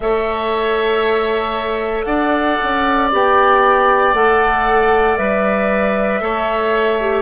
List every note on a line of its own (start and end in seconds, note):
0.00 2.06 A3
0.00 3.11 A4
0.00 2.06 C#5
0.00 2.04 E5
2.04 2.57 D4
2.04 6.19 D5
2.04 3.08 F#5
2.63 3.12 C#4
3.11 4.13 B3
3.11 4.14 G4
3.11 4.14 G5
4.13 5.17 A3
4.13 5.17 A4
4.13 5.16 F#5
5.16 6.20 G3
5.16 6.21 B4
5.16 7.22 E5
6.20 7.22 A3
6.20 6.98 A4
6.20 7.22 C#5
7.00 7.22 G4